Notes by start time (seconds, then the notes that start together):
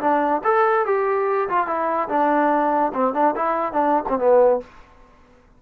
0.00 D4
0.44 A4
0.86 G4
1.48 F4
1.67 E4
2.09 D4
2.93 C4
3.14 D4
3.35 E4
3.72 D4
4.08 C4
4.18 B3